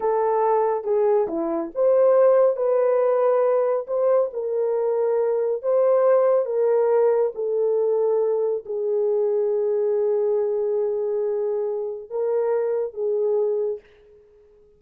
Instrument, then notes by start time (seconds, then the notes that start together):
horn
0.00 A4
0.83 G#4
1.27 E4
1.75 C5
2.56 B4
3.87 C5
4.33 A#4
5.62 C5
6.45 A#4
7.35 A4
8.65 G#4
12.10 A#4
12.93 G#4